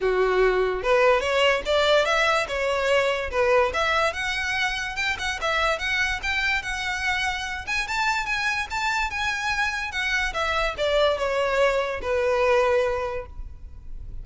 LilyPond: \new Staff \with { instrumentName = "violin" } { \time 4/4 \tempo 4 = 145 fis'2 b'4 cis''4 | d''4 e''4 cis''2 | b'4 e''4 fis''2 | g''8 fis''8 e''4 fis''4 g''4 |
fis''2~ fis''8 gis''8 a''4 | gis''4 a''4 gis''2 | fis''4 e''4 d''4 cis''4~ | cis''4 b'2. | }